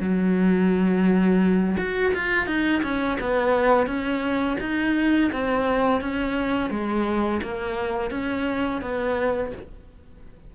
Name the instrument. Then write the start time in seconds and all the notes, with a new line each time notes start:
cello
0.00 F#3
1.78 F#4
2.14 F4
2.47 D#4
2.83 C#4
3.20 B3
3.86 C#4
4.60 D#4
5.32 C4
6.01 C#4
6.70 G#3
7.42 A#3
8.11 C#4
8.81 B3